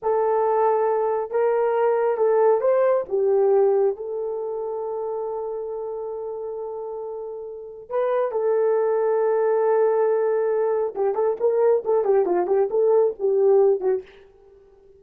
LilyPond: \new Staff \with { instrumentName = "horn" } { \time 4/4 \tempo 4 = 137 a'2. ais'4~ | ais'4 a'4 c''4 g'4~ | g'4 a'2.~ | a'1~ |
a'2 b'4 a'4~ | a'1~ | a'4 g'8 a'8 ais'4 a'8 g'8 | f'8 g'8 a'4 g'4. fis'8 | }